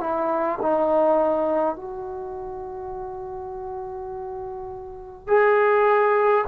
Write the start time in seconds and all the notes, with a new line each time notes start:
0.00 E4
0.61 D#4
1.75 F#4
5.27 G#4